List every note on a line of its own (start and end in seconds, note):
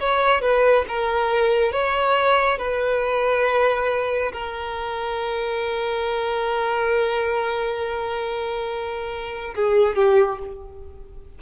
0.00 0.42 C#5
0.42 0.85 B4
0.88 1.72 A#4
1.72 2.58 C#5
2.58 4.32 B4
4.33 9.55 A#4
9.55 9.96 G#4
9.96 10.39 G4